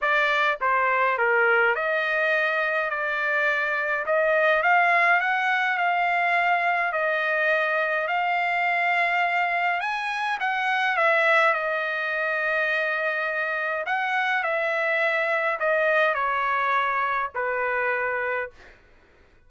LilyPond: \new Staff \with { instrumentName = "trumpet" } { \time 4/4 \tempo 4 = 104 d''4 c''4 ais'4 dis''4~ | dis''4 d''2 dis''4 | f''4 fis''4 f''2 | dis''2 f''2~ |
f''4 gis''4 fis''4 e''4 | dis''1 | fis''4 e''2 dis''4 | cis''2 b'2 | }